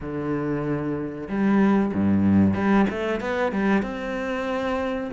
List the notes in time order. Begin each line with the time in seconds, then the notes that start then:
0.00 D3
1.28 G3
1.94 G2
2.54 G3
2.90 A3
3.20 B3
3.52 G3
3.82 C4